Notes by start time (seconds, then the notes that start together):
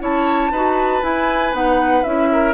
0.00 C#4 E4 C#5 A5
0.52 D#4 F#4 B4
1.02 E4 G#5
1.53 B3 D#4 F#5
2.04 C#4 E4 E5
2.33 A#4